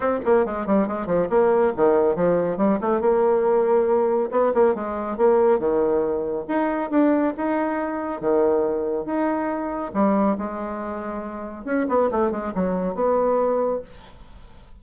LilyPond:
\new Staff \with { instrumentName = "bassoon" } { \time 4/4 \tempo 4 = 139 c'8 ais8 gis8 g8 gis8 f8 ais4 | dis4 f4 g8 a8 ais4~ | ais2 b8 ais8 gis4 | ais4 dis2 dis'4 |
d'4 dis'2 dis4~ | dis4 dis'2 g4 | gis2. cis'8 b8 | a8 gis8 fis4 b2 | }